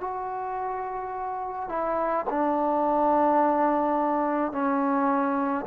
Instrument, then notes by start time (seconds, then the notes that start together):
trombone
0.00 F#4
1.69 E4
2.30 D4
4.52 C#4